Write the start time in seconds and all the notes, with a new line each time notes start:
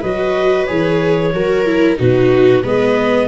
0.00 F#3 F#4 B4 D#5
0.65 E3 G#4 C#5
1.33 F#3 F#4 A#4
1.65 E4
1.97 B2 D#4 F#4 B4
2.63 G#3 B3 B4 D#5